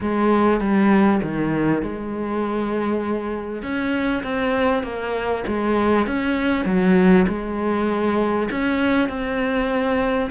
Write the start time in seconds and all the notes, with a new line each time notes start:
0.00 G#3
0.60 G3
1.22 D#3
1.82 G#3
3.62 C#4
4.23 C4
4.83 A#3
5.47 G#3
6.07 C#4
6.65 F#3
7.28 G#3
8.50 C#4
9.08 C4